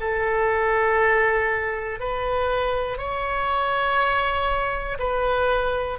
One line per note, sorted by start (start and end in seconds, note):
0.00 2.00 A4
2.00 2.98 B4
2.98 4.98 C#5
4.99 5.99 B4